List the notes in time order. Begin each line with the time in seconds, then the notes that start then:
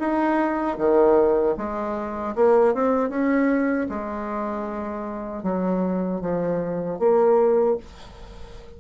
0.00 D#4
0.78 D#3
1.57 G#3
2.36 A#3
2.74 C4
3.10 C#4
3.90 G#3
5.44 F#3
6.21 F3
7.00 A#3